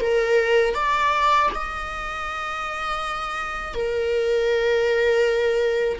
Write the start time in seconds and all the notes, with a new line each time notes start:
0.00 A#4
0.74 D5
1.54 D#5
3.74 A#4